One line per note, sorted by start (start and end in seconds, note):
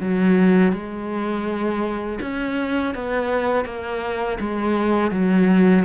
0.00 0.73 F#3
0.73 2.19 G#3
2.22 2.94 C#4
2.94 3.65 B3
3.65 4.38 A#3
4.40 5.11 G#3
5.11 5.84 F#3